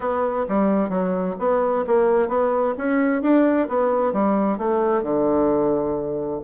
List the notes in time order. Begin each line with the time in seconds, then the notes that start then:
0.00 B3
0.48 G3
0.89 F#3
1.39 B3
1.86 A#3
2.28 B3
2.77 C#4
3.22 D4
3.68 B3
4.12 G3
4.58 A3
5.03 D3